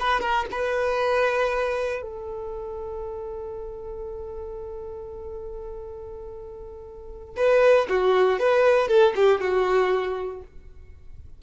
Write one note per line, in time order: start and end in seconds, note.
0.00 0.20 B4
0.20 0.46 A#4
0.51 2.02 B4
2.02 7.36 A4
7.36 7.87 B4
7.89 8.39 F#4
8.39 8.88 B4
8.88 9.13 A4
9.16 9.41 G4
9.41 10.42 F#4